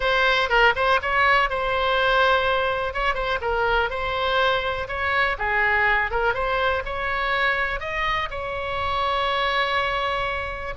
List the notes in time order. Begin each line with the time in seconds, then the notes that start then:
0.00 C5
0.49 A#4
0.75 C5
1.02 C#5
1.49 C5
2.93 C#5
3.14 C5
3.41 A#4
3.90 C5
4.88 C#5
5.38 G#4
6.10 A#4
6.34 C5
6.85 C#5
7.80 D#5
8.30 C#5